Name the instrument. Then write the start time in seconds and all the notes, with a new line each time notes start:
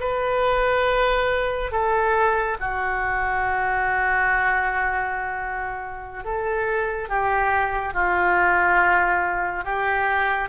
oboe
0.00 B4
1.71 A4
2.60 F#4
6.24 A4
7.09 G4
7.93 F4
9.64 G4